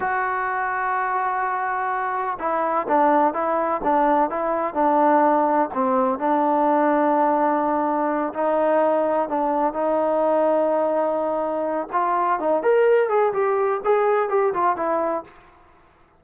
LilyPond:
\new Staff \with { instrumentName = "trombone" } { \time 4/4 \tempo 4 = 126 fis'1~ | fis'4 e'4 d'4 e'4 | d'4 e'4 d'2 | c'4 d'2.~ |
d'4. dis'2 d'8~ | d'8 dis'2.~ dis'8~ | dis'4 f'4 dis'8 ais'4 gis'8 | g'4 gis'4 g'8 f'8 e'4 | }